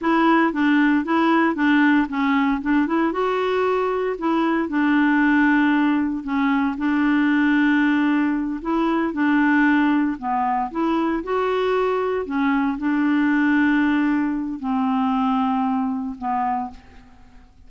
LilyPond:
\new Staff \with { instrumentName = "clarinet" } { \time 4/4 \tempo 4 = 115 e'4 d'4 e'4 d'4 | cis'4 d'8 e'8 fis'2 | e'4 d'2. | cis'4 d'2.~ |
d'8 e'4 d'2 b8~ | b8 e'4 fis'2 cis'8~ | cis'8 d'2.~ d'8 | c'2. b4 | }